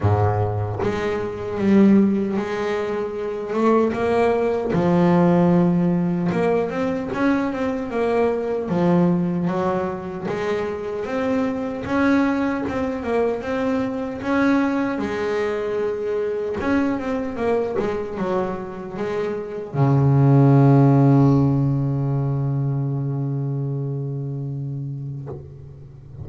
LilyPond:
\new Staff \with { instrumentName = "double bass" } { \time 4/4 \tempo 4 = 76 gis,4 gis4 g4 gis4~ | gis8 a8 ais4 f2 | ais8 c'8 cis'8 c'8 ais4 f4 | fis4 gis4 c'4 cis'4 |
c'8 ais8 c'4 cis'4 gis4~ | gis4 cis'8 c'8 ais8 gis8 fis4 | gis4 cis2.~ | cis1 | }